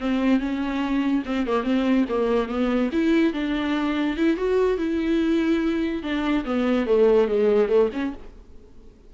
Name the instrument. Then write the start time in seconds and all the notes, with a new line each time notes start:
viola
0.00 C4
0.39 C#4
1.26 C4
1.47 A#3
1.64 C4
2.09 A#3
2.48 B3
2.92 E4
3.33 D4
4.17 E4
4.37 F#4
4.78 E4
6.03 D4
6.45 B3
6.86 A3
7.28 G#3
7.68 A3
7.93 C#4